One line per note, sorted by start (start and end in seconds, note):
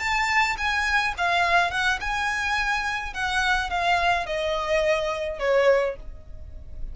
0.00 0.57 A5
0.58 1.14 G#5
1.18 1.71 F5
1.71 2.00 F#5
2.01 3.14 G#5
3.14 3.70 F#5
3.70 4.26 F5
4.26 5.40 D#5
5.40 5.96 C#5